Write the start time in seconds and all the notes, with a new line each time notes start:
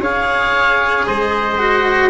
0.00 C#4 G#4 C#5 F5
1.06 G#3 C5 D#5
1.59 F#4